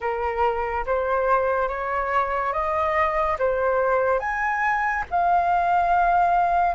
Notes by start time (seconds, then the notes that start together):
0.00 A#4
0.86 C5
1.68 C#5
2.52 D#5
3.38 C5
4.19 G#5
5.10 F5